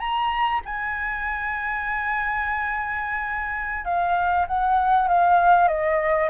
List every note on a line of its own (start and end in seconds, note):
0.00 0.61 A#5
0.65 3.85 G#5
3.85 4.46 F5
4.48 5.08 F#5
5.08 5.69 F5
5.69 6.30 D#5